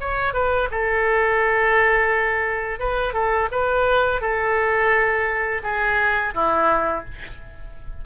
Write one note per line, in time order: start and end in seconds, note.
0.00 0.33 C#5
0.33 0.69 B4
0.71 2.79 A4
2.79 3.13 B4
3.13 3.48 A4
3.51 4.21 B4
4.21 5.62 A4
5.63 6.33 G#4
6.34 7.04 E4